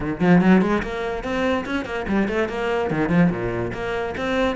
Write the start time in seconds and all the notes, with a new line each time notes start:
0.00 D#3
0.20 F3
0.41 F#3
0.61 G#3
0.83 A#3
1.23 C4
1.65 C#4
1.85 A#3
2.07 G3
2.28 A3
2.48 A#3
2.90 D#3
3.09 F3
3.30 A#2
3.73 A#3
4.17 C4